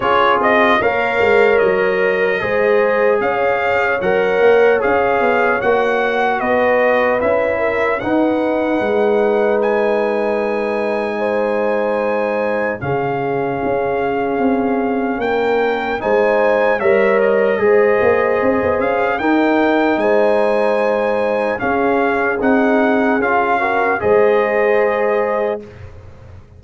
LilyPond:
<<
  \new Staff \with { instrumentName = "trumpet" } { \time 4/4 \tempo 4 = 75 cis''8 dis''8 f''4 dis''2 | f''4 fis''4 f''4 fis''4 | dis''4 e''4 fis''2 | gis''1 |
f''2. g''4 | gis''4 e''8 dis''2 f''8 | g''4 gis''2 f''4 | fis''4 f''4 dis''2 | }
  \new Staff \with { instrumentName = "horn" } { \time 4/4 gis'4 cis''2 c''4 | cis''1 | b'4. ais'8 b'2~ | b'2 c''2 |
gis'2. ais'4 | c''4 cis''4 c''2 | ais'4 c''2 gis'4~ | gis'4. ais'8 c''2 | }
  \new Staff \with { instrumentName = "trombone" } { \time 4/4 f'4 ais'2 gis'4~ | gis'4 ais'4 gis'4 fis'4~ | fis'4 e'4 dis'2~ | dis'1 |
cis'1 | dis'4 ais'4 gis'2 | dis'2. cis'4 | dis'4 f'8 fis'8 gis'2 | }
  \new Staff \with { instrumentName = "tuba" } { \time 4/4 cis'8 c'8 ais8 gis8 fis4 gis4 | cis'4 fis8 ais8 cis'8 b8 ais4 | b4 cis'4 dis'4 gis4~ | gis1 |
cis4 cis'4 c'4 ais4 | gis4 g4 gis8 ais8 c'16 b16 cis'8 | dis'4 gis2 cis'4 | c'4 cis'4 gis2 | }
>>